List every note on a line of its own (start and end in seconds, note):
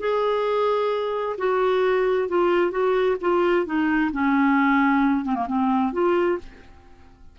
0.00 1.36 G#4
1.38 2.29 F#4
2.29 2.71 F4
2.71 3.16 F#4
3.21 3.66 F4
3.66 4.11 D#4
4.12 5.25 C#4
5.25 5.35 C4
5.35 5.47 A#3
5.47 5.93 C4
5.93 6.38 F4